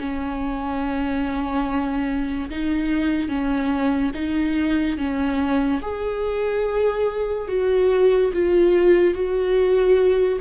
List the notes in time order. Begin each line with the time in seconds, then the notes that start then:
0.00 C#4
2.50 D#4
3.29 C#4
4.15 D#4
4.98 C#4
5.82 G#4
7.48 F#4
8.34 F4
9.15 F#4